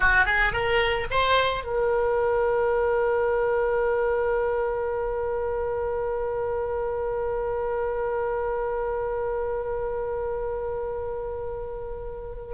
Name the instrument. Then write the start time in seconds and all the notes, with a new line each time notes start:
oboe
0.00 F#4
0.25 G#4
0.52 A#4
1.10 C5
1.63 A#4